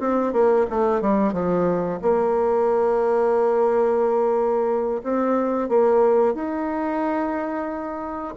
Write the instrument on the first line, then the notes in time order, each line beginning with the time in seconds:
bassoon
0.00 C4
0.33 A#3
0.70 A3
1.01 G3
1.33 F3
2.02 A#3
5.03 C4
5.69 A#3
6.35 D#4